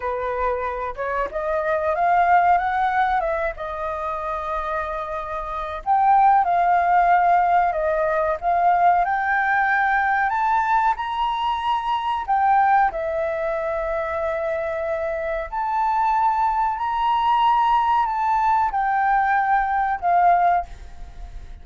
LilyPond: \new Staff \with { instrumentName = "flute" } { \time 4/4 \tempo 4 = 93 b'4. cis''8 dis''4 f''4 | fis''4 e''8 dis''2~ dis''8~ | dis''4 g''4 f''2 | dis''4 f''4 g''2 |
a''4 ais''2 g''4 | e''1 | a''2 ais''2 | a''4 g''2 f''4 | }